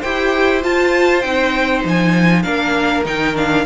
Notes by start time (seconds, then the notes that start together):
0.00 E4 G4 C5 G5
0.61 F4 A5
1.21 C4 D#4 G5
1.84 F3 G#5
2.43 A#3 D4 A#4 F5
3.05 D#3 D#4 G5
3.35 D4 F5